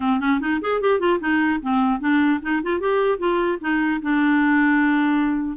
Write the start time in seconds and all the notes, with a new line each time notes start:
0.00 C4
0.19 C#4
0.40 D#4
0.61 G#4
0.80 G4
0.99 F4
1.20 D#4
1.62 C4
1.99 D4
2.42 D#4
2.62 F4
2.80 G4
3.18 F4
3.60 D#4
4.02 D4